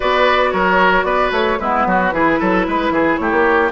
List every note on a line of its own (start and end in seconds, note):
0.00 0.53 B3
0.00 1.59 F#4
0.00 0.50 B4
0.00 0.51 D5
0.51 1.03 F#3
0.51 1.05 A#4
0.51 1.03 C#5
1.03 1.30 B3
1.03 1.58 B4
1.03 1.30 D5
1.31 1.58 A3
1.31 1.59 C#5
1.59 1.86 G#3
1.59 2.11 B3
1.59 1.86 E4
1.59 3.17 B4
1.86 2.12 F#3
1.86 2.14 F#4
2.11 2.39 E3
2.11 3.71 E4
2.11 2.39 G#4
2.39 2.67 F#3
2.39 2.66 A4
2.67 2.90 G#3
2.67 2.93 B4
2.90 3.16 E3
2.90 3.19 G#4
3.17 3.31 A3
3.17 3.71 G4
3.17 3.70 C#5
3.31 3.71 A#3